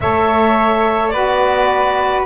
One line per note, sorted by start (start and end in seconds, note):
0.00 1.13 A3
0.00 1.13 A4
0.00 1.13 C#5
0.00 1.08 E5
1.08 2.25 B3
1.08 2.25 F#4
1.08 2.25 B4
1.08 2.22 D5